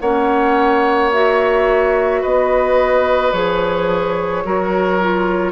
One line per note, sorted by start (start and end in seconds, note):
0.00 2.23 A#3
0.00 1.12 C#4
0.00 2.21 C#5
0.00 1.11 F#5
1.12 3.33 F#4
1.12 2.23 E5
2.21 3.32 B3
2.21 4.43 B4
2.21 3.32 D#5
3.32 4.44 F3
3.32 4.44 G#4
3.32 5.52 C#5
4.44 5.52 F#3
4.44 5.00 F#4
4.44 5.52 A#4
5.01 5.52 F4